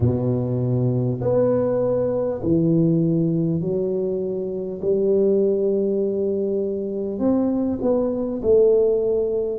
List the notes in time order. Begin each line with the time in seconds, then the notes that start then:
0.00 B2
1.21 B3
2.42 E3
3.61 F#3
4.81 G3
7.18 C4
7.81 B3
8.42 A3